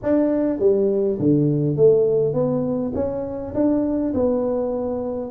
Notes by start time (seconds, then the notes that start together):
0.02 D4
0.59 G3
1.19 D3
1.76 A3
2.33 B3
2.94 C#4
3.54 D4
4.13 B3